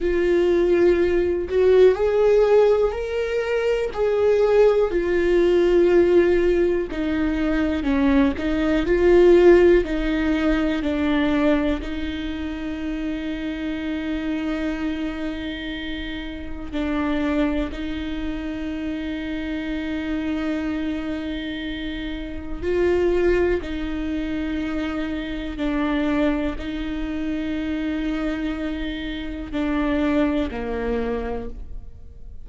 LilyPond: \new Staff \with { instrumentName = "viola" } { \time 4/4 \tempo 4 = 61 f'4. fis'8 gis'4 ais'4 | gis'4 f'2 dis'4 | cis'8 dis'8 f'4 dis'4 d'4 | dis'1~ |
dis'4 d'4 dis'2~ | dis'2. f'4 | dis'2 d'4 dis'4~ | dis'2 d'4 ais4 | }